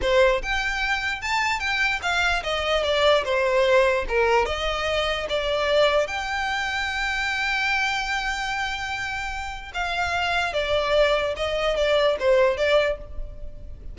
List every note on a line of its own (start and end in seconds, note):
0.01 0.42 C5
0.42 1.21 G5
1.21 1.59 A5
1.59 2.00 G5
2.02 2.43 F5
2.43 2.83 D#5
2.83 3.23 D5
3.24 4.05 C5
4.08 4.45 A#4
4.45 5.26 D#5
5.29 6.07 D5
6.07 9.72 G5
9.74 10.53 F5
10.53 11.34 D5
11.36 11.76 D#5
11.76 12.16 D5
12.19 12.57 C5
12.57 12.97 D5